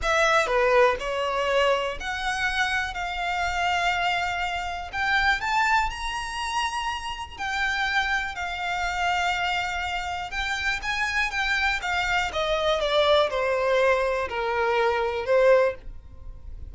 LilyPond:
\new Staff \with { instrumentName = "violin" } { \time 4/4 \tempo 4 = 122 e''4 b'4 cis''2 | fis''2 f''2~ | f''2 g''4 a''4 | ais''2. g''4~ |
g''4 f''2.~ | f''4 g''4 gis''4 g''4 | f''4 dis''4 d''4 c''4~ | c''4 ais'2 c''4 | }